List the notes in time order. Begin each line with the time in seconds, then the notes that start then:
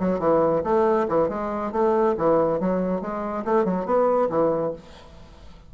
0.00 F#3
0.20 E3
0.64 A3
1.09 E3
1.29 G#3
1.72 A3
2.18 E3
2.60 F#3
3.02 G#3
3.45 A3
3.65 F#3
3.86 B3
4.30 E3